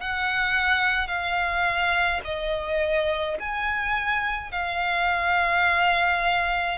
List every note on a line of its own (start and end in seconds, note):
0.00 1.07 F#5
1.07 2.20 F5
2.24 3.37 D#5
3.39 4.51 G#5
4.51 6.78 F5